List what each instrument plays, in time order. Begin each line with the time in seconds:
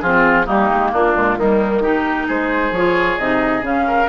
0.00 bassoon F3, clarinet C4, oboe F4, flute G#4
0.45 bassoon G3, clarinet A#3, oboe D#4, flute G4
0.71 bassoon G#3
0.93 bassoon A#3, oboe D4, flute F4
1.14 bassoon A#2, clarinet G#3
1.37 bassoon D#3, clarinet G3, oboe A#3, flute D#4
1.81 clarinet D#4, oboe G4, flute A#4
2.27 bassoon G#3, oboe G#4, flute C5
2.71 bassoon F3, clarinet F4, flute C#5
3.18 bassoon C3, clarinet D#4, flute D#5
3.62 bassoon C#3, clarinet C#4, flute F5
3.87 oboe A#4